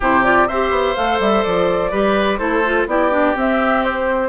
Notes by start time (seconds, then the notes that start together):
0.00 C3 E4 G4 C5
0.23 F4 D5
0.47 C4 G4 C5 E5
0.70 B3
0.95 A3 A4 F5
1.19 G3 E5
1.43 F3 D5
1.91 G3 G4 B4
2.38 A3 E4 A4 C5
2.65 F4
2.86 B3 E4 G4 D5
3.11 D4
3.35 C4 E5
3.84 C5